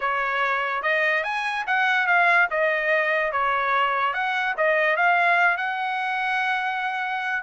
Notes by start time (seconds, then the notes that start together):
0.00 C#5
0.82 D#5
1.23 G#5
1.66 F#5
2.06 F5
2.50 D#5
3.32 C#5
4.13 F#5
4.57 D#5
4.96 F5
5.57 F#5